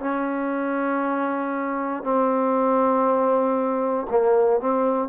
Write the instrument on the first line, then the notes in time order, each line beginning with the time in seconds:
trombone
0.00 C#4
2.03 C4
4.10 A#3
4.60 C4